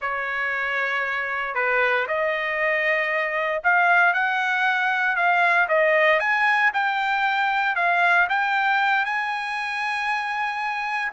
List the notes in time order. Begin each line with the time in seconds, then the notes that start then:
0.01 C#5
1.54 B4
2.07 D#5
3.63 F5
4.13 F#5
5.15 F5
5.68 D#5
6.19 G#5
6.73 G5
7.75 F5
8.29 G5
9.05 G#5